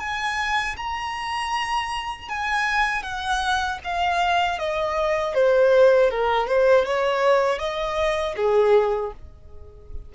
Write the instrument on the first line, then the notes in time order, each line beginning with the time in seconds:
violin
0.00 G#5
0.77 A#5
2.29 G#5
3.03 F#5
3.84 F5
4.59 D#5
5.35 C5
6.11 A#4
6.48 C5
6.85 C#5
7.59 D#5
8.37 G#4